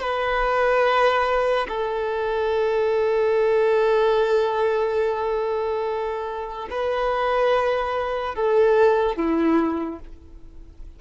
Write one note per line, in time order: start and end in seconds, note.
0.00 1.67 B4
1.68 6.68 A4
6.70 8.35 B4
8.35 9.16 A4
9.16 10.00 E4